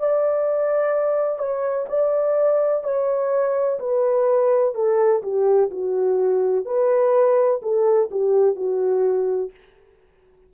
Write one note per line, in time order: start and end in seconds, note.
0.00 1.39 D5
1.39 1.87 C#5
1.89 2.84 D5
2.84 3.80 C#5
3.80 4.75 B4
4.75 5.23 A4
5.23 5.71 G4
5.71 6.66 F#4
6.66 7.61 B4
7.63 8.10 A4
8.11 8.56 G4
8.56 9.52 F#4